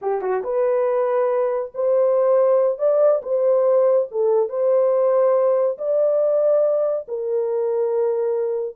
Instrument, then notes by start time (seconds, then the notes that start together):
horn
0.01 G4
0.21 F#4
0.43 B4
1.74 C5
2.78 D5
3.22 C5
4.11 A4
4.49 C5
5.78 D5
7.07 A#4